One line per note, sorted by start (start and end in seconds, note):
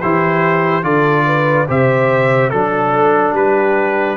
0.00 0.83 E3
0.00 0.82 E4
0.00 0.83 G4
0.00 0.83 C5
0.82 1.66 D3
0.82 1.66 F4
0.82 1.25 A4
0.82 1.66 D5
1.26 1.67 B4
1.67 2.52 C3
1.67 2.51 G4
1.67 2.50 C5
1.67 2.50 E5
2.50 3.32 F#3
2.50 4.16 D4
2.50 3.33 A4
2.50 3.34 A4
3.32 4.15 G3
3.32 4.16 G4
3.32 4.16 B4